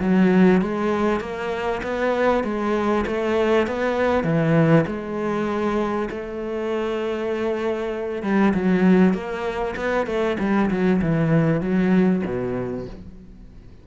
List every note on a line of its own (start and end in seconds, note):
0.00 0.61 F#3
0.61 1.20 G#3
1.20 1.81 A#3
1.83 2.44 B3
2.44 3.05 G#3
3.07 3.67 A3
3.67 4.24 B3
4.24 4.85 E3
4.87 6.09 G#3
6.10 8.23 A3
8.23 8.53 G3
8.54 9.14 F#3
9.14 9.75 A#3
9.76 10.07 B3
10.07 10.37 A3
10.40 10.70 G3
10.70 11.01 F#3
11.02 11.61 E3
11.61 12.22 F#3
12.25 12.87 B2